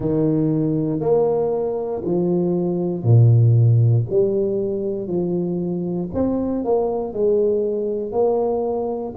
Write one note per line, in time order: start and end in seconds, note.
0.00 1.00 D#3
1.00 2.02 A#3
2.04 3.03 F3
3.03 4.04 A#2
4.09 5.07 G3
5.07 6.08 F3
6.13 6.64 C4
6.64 7.13 A#3
7.13 8.11 G#3
8.11 9.13 A#3